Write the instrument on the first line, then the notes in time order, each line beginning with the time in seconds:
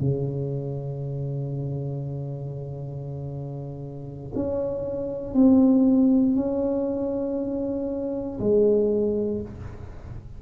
tuba
0.00 C#3
4.35 C#4
5.34 C4
6.36 C#4
8.39 G#3